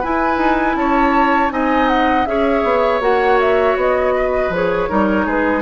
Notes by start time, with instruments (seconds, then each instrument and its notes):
0.00 clarinet E4, bassoon E4, oboe B4, flute G#5
0.37 bassoon D#4
0.75 bassoon C#4, oboe C#5, flute A5
1.50 bassoon C4, clarinet D#4, oboe D#5, flute G#5
1.88 flute F#5
2.26 bassoon C#4, clarinet G#4, oboe C#5, flute E5
2.63 bassoon B3
3.00 bassoon A#3, clarinet F#4, flute F#5
3.40 flute E5
3.75 bassoon B3, flute D#5
4.15 oboe B4
4.49 bassoon F3, clarinet G#4
4.55 flute C#5
4.89 bassoon G3, clarinet D#4, oboe A#4
5.25 bassoon G#3, oboe G#4, flute B4